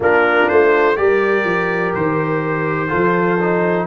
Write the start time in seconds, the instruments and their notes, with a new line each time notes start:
0.00 tuba A#3, trombone D4, horn F4, trumpet A#4
0.49 tuba A3, trumpet C5
0.96 tuba G3, trombone G4, horn A#4, trumpet D5
1.44 tuba F3
1.94 tuba D#3, trumpet C5
2.88 tuba F3, trombone F4, horn A4
3.40 trombone D#4